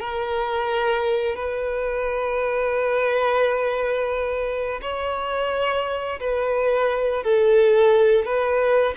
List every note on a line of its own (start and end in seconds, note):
0.00 1.35 A#4
1.35 4.80 B4
4.82 6.19 C#5
6.20 7.23 B4
7.23 8.25 A4
8.25 8.94 B4